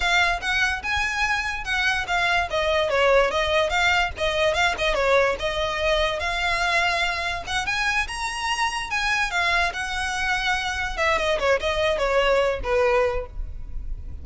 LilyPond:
\new Staff \with { instrumentName = "violin" } { \time 4/4 \tempo 4 = 145 f''4 fis''4 gis''2 | fis''4 f''4 dis''4 cis''4 | dis''4 f''4 dis''4 f''8 dis''8 | cis''4 dis''2 f''4~ |
f''2 fis''8 gis''4 ais''8~ | ais''4. gis''4 f''4 fis''8~ | fis''2~ fis''8 e''8 dis''8 cis''8 | dis''4 cis''4. b'4. | }